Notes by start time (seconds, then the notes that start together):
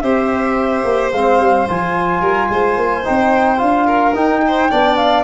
0.00 C4 G4 C5 E5
0.84 A#3
1.12 G#3 C4 F5
1.39 G3
1.68 F3 F4 G#5
2.21 G3 A#4
2.49 G#3 C5
2.76 A#3
3.04 C4 D#4 G5
3.57 D4 F4 F5
3.86 A#4
4.14 D#4 G5
4.47 C5
4.70 B3 D4 D5
4.96 F5